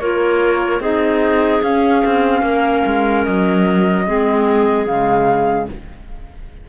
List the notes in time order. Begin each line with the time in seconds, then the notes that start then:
0.00 A#3 F4 A#4 C#5
0.80 C4 D#4 G#4 D#5
1.63 C#4 F5
2.05 C4
2.42 A#3 A#4
2.86 G#3
3.24 F#3 D#5
4.06 G#3 C4 G#4
4.87 C#3 G#3 F5